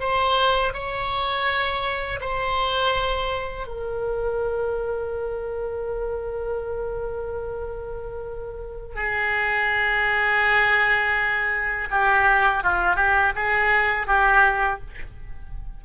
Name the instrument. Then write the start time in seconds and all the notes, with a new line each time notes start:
oboe
0.00 C5
0.74 C#5
2.21 C5
3.67 A#4
8.96 G#4
11.91 G4
12.64 F4
12.96 G4
13.35 G#4
14.07 G4